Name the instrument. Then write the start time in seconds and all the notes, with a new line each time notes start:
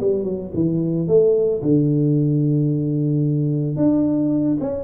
tuba
0.00 G3
0.24 F#3
0.54 E3
1.07 A3
1.62 D3
3.76 D4
4.60 C#4